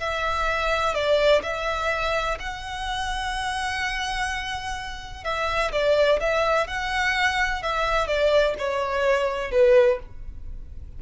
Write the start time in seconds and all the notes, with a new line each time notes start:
0.00 E5
0.95 D5
1.43 E5
2.40 F#5
5.24 E5
5.72 D5
6.20 E5
6.68 F#5
7.63 E5
8.08 D5
8.59 C#5
9.52 B4